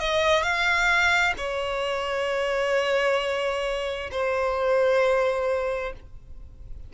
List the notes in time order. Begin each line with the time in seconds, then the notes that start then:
0.00 D#5
0.43 F5
1.38 C#5
4.12 C5